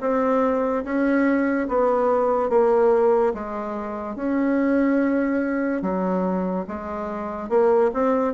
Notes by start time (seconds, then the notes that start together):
0.00 C4
0.84 C#4
1.68 B3
2.49 A#3
3.33 G#3
4.15 C#4
5.82 F#3
6.67 G#3
7.48 A#3
7.93 C4